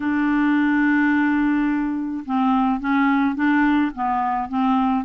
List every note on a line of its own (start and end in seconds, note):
0.00 2.24 D4
2.25 2.80 C4
2.80 3.35 C#4
3.35 3.91 D4
3.95 4.48 B3
4.48 5.04 C4